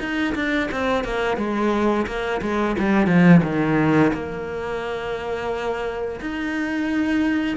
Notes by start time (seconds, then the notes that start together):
0.00 D#4
0.35 D4
0.72 C4
1.04 A#3
1.37 G#3
2.07 A#3
2.41 G#3
2.79 G3
3.07 F3
3.43 D#3
4.13 A#3
6.21 D#4